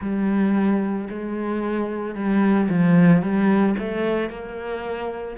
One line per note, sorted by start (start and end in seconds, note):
0.00 1.08 G3
1.10 2.14 G#3
2.14 2.68 G3
2.69 3.21 F3
3.21 3.75 G3
3.78 4.29 A3
4.29 5.36 A#3